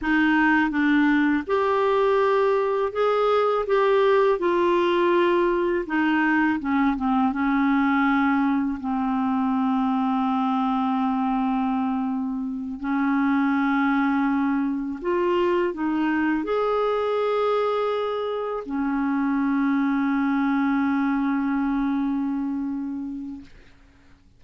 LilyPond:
\new Staff \with { instrumentName = "clarinet" } { \time 4/4 \tempo 4 = 82 dis'4 d'4 g'2 | gis'4 g'4 f'2 | dis'4 cis'8 c'8 cis'2 | c'1~ |
c'4. cis'2~ cis'8~ | cis'8 f'4 dis'4 gis'4.~ | gis'4. cis'2~ cis'8~ | cis'1 | }